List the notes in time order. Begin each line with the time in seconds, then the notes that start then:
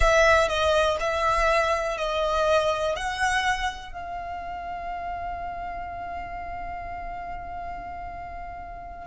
0.00 E5
0.48 D#5
0.99 E5
1.97 D#5
2.95 F#5
3.92 F5